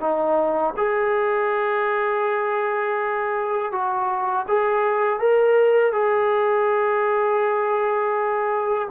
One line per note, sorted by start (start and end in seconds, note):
0.00 0.74 D#4
0.77 3.72 G#4
3.72 4.46 F#4
4.48 5.20 G#4
5.20 5.92 A#4
5.92 8.89 G#4